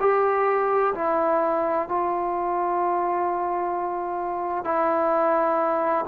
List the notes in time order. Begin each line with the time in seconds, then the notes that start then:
0.00 G4
0.95 E4
1.88 F4
4.64 E4